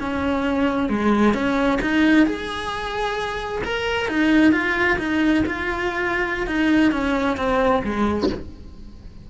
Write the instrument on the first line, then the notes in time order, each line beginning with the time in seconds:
cello
0.00 C#4
0.89 G#3
1.34 C#4
1.81 D#4
2.26 G#4
3.64 A#4
4.08 D#4
4.52 F4
4.98 D#4
5.46 F4
6.46 D#4
6.91 C#4
7.37 C4
7.84 G#3